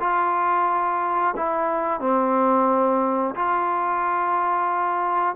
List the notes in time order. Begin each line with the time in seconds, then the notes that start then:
0.00 F4
1.36 E4
2.00 C4
3.35 F4